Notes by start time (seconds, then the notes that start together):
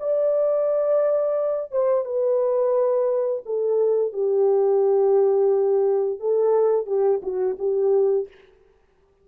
0.00 D5
1.72 C5
2.05 B4
3.46 A4
4.13 G4
6.20 A4
6.87 G4
7.23 F#4
7.59 G4